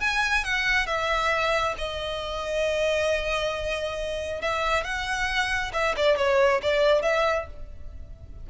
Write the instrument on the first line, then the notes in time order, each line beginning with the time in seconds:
violin
0.00 G#5
0.44 F#5
0.86 E5
1.77 D#5
4.41 E5
4.83 F#5
5.73 E5
5.96 D5
6.16 C#5
6.62 D5
7.02 E5